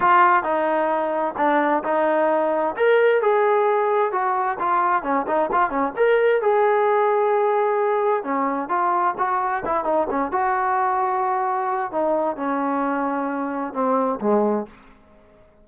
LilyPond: \new Staff \with { instrumentName = "trombone" } { \time 4/4 \tempo 4 = 131 f'4 dis'2 d'4 | dis'2 ais'4 gis'4~ | gis'4 fis'4 f'4 cis'8 dis'8 | f'8 cis'8 ais'4 gis'2~ |
gis'2 cis'4 f'4 | fis'4 e'8 dis'8 cis'8 fis'4.~ | fis'2 dis'4 cis'4~ | cis'2 c'4 gis4 | }